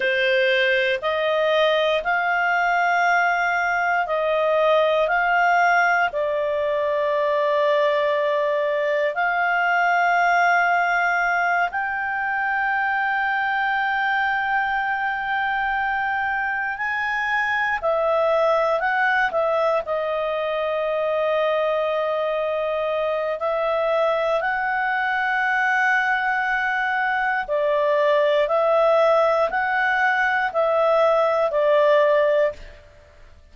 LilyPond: \new Staff \with { instrumentName = "clarinet" } { \time 4/4 \tempo 4 = 59 c''4 dis''4 f''2 | dis''4 f''4 d''2~ | d''4 f''2~ f''8 g''8~ | g''1~ |
g''8 gis''4 e''4 fis''8 e''8 dis''8~ | dis''2. e''4 | fis''2. d''4 | e''4 fis''4 e''4 d''4 | }